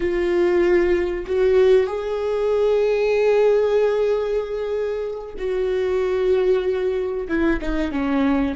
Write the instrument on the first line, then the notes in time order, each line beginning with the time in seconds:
viola
0.00 F4
1.26 F#4
1.87 G#4
5.38 F#4
7.28 E4
7.61 D#4
7.91 C#4